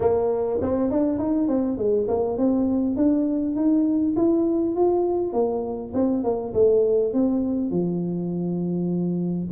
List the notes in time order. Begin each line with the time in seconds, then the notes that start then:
0.00 A#3
0.61 C4
0.91 D4
1.19 D#4
1.48 C4
1.77 G#3
2.08 A#3
2.37 C4
2.96 D4
3.55 D#4
4.16 E4
4.75 F4
5.32 A#3
5.94 C4
6.23 A#3
6.53 A3
7.13 C4
7.70 F3